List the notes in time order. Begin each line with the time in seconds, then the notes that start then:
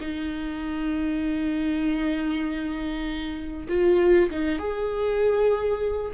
0.00 D#4
3.69 F4
4.31 D#4
4.59 G#4